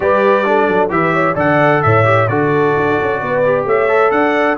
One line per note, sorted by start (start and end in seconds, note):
0.00 0.67 G3
0.00 0.44 G4
0.00 0.46 B4
0.00 0.89 D5
0.44 0.89 D4
0.44 0.92 A4
0.68 0.89 F#3
0.89 1.35 E3
0.89 1.34 G4
0.89 1.13 B4
0.89 1.37 E5
1.13 1.34 C#5
1.34 1.81 D3
1.34 2.04 A4
1.34 1.80 D5
1.34 1.82 F#5
1.82 2.29 A2
1.82 2.29 C#5
1.82 2.28 E5
2.04 2.27 G4
2.28 2.75 D3
2.28 3.44 F#4
2.28 3.20 A4
2.28 3.65 D5
2.76 2.99 D4
2.99 3.21 C#4
3.20 3.65 B3
3.20 3.65 B4
3.44 3.88 G4
3.65 4.11 A3
3.65 4.11 C#5
3.65 4.11 E5
3.88 4.57 A4
4.11 4.57 D4
4.11 4.57 D5
4.11 4.57 F#5